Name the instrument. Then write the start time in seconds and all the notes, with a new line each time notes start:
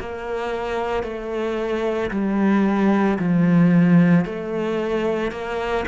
cello
0.00 A#3
1.04 A3
2.11 G3
3.19 F3
4.26 A3
5.32 A#3